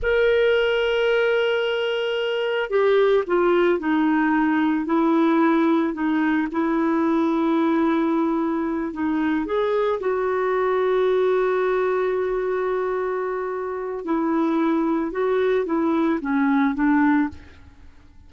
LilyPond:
\new Staff \with { instrumentName = "clarinet" } { \time 4/4 \tempo 4 = 111 ais'1~ | ais'4 g'4 f'4 dis'4~ | dis'4 e'2 dis'4 | e'1~ |
e'8 dis'4 gis'4 fis'4.~ | fis'1~ | fis'2 e'2 | fis'4 e'4 cis'4 d'4 | }